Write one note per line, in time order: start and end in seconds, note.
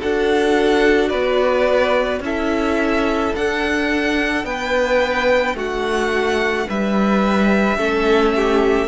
0.00 1.13 D4
0.00 2.23 F#4
0.00 1.09 A4
0.00 1.09 F#5
1.09 2.20 B3
1.09 2.21 B4
1.09 2.20 D5
2.20 3.31 C#4
2.20 3.35 E4
2.20 4.47 A4
2.20 3.36 E5
3.35 7.78 D4
3.35 4.44 D4
3.35 4.45 F#5
4.44 5.55 B3
4.44 5.56 B4
4.44 5.56 G5
5.55 6.66 A3
5.55 6.67 F#4
5.55 6.70 F#5
6.69 7.77 G3
6.69 7.77 B4
6.69 8.88 E5
7.77 8.88 A3
7.77 8.88 C#4
7.77 8.33 A4
8.36 8.88 G4